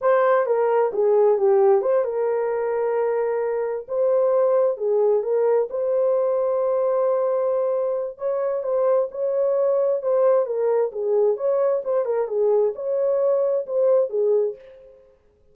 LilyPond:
\new Staff \with { instrumentName = "horn" } { \time 4/4 \tempo 4 = 132 c''4 ais'4 gis'4 g'4 | c''8 ais'2.~ ais'8~ | ais'8 c''2 gis'4 ais'8~ | ais'8 c''2.~ c''8~ |
c''2 cis''4 c''4 | cis''2 c''4 ais'4 | gis'4 cis''4 c''8 ais'8 gis'4 | cis''2 c''4 gis'4 | }